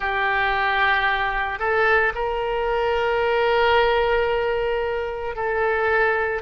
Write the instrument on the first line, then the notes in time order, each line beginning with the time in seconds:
oboe
0.00 G4
1.59 A4
2.14 A#4
5.35 A4